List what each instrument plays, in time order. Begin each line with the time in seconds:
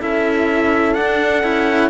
0.00 cello C#4 E4, horn A4, trumpet E5
0.94 cello D4, trumpet F#5
1.43 cello C#4 E4